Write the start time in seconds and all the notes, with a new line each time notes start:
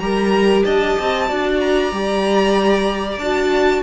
0.00 G3 G4 A#4 A#5
0.65 D4 D#5 A5
0.99 C4
1.28 D4 F#4 D5
1.60 A#5
1.92 G3 G4
3.18 D4 F#4 A5